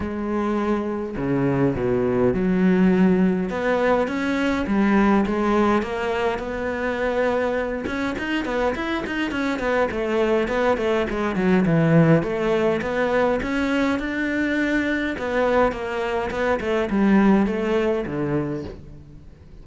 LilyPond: \new Staff \with { instrumentName = "cello" } { \time 4/4 \tempo 4 = 103 gis2 cis4 b,4 | fis2 b4 cis'4 | g4 gis4 ais4 b4~ | b4. cis'8 dis'8 b8 e'8 dis'8 |
cis'8 b8 a4 b8 a8 gis8 fis8 | e4 a4 b4 cis'4 | d'2 b4 ais4 | b8 a8 g4 a4 d4 | }